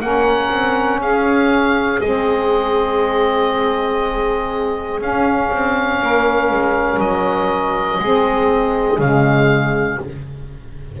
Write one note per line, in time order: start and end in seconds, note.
0.00 0.50 A#3
0.00 2.01 C#4
0.00 0.99 A#4
0.00 1.00 F#5
0.50 1.00 C4
0.99 2.00 C#4
0.99 5.99 G#4
0.99 2.00 F5
2.00 5.00 G#3
2.00 5.00 C4
2.00 5.00 D#5
5.00 5.50 C#4
5.00 8.00 C#4
5.00 7.00 F5
5.51 6.01 C4
6.02 6.50 A#3
6.02 8.00 A#4
6.50 6.98 G#3
6.98 7.98 F#3
6.98 9.00 D#5
7.99 8.98 G#3
7.99 8.98 C4
7.99 10.00 G#4
8.98 9.98 C#3
8.98 9.98 G#3
8.98 10.00 F5